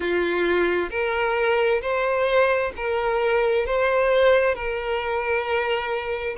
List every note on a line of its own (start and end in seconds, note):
0.00 0.89 F4
0.90 1.81 A#4
1.81 2.72 C5
2.76 3.66 A#4
3.66 4.55 C5
4.55 6.36 A#4